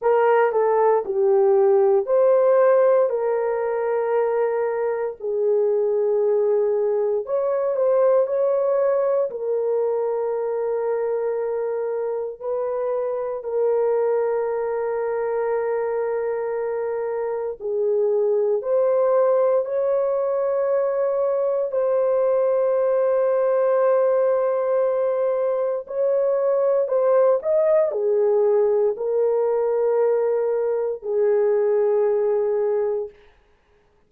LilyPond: \new Staff \with { instrumentName = "horn" } { \time 4/4 \tempo 4 = 58 ais'8 a'8 g'4 c''4 ais'4~ | ais'4 gis'2 cis''8 c''8 | cis''4 ais'2. | b'4 ais'2.~ |
ais'4 gis'4 c''4 cis''4~ | cis''4 c''2.~ | c''4 cis''4 c''8 dis''8 gis'4 | ais'2 gis'2 | }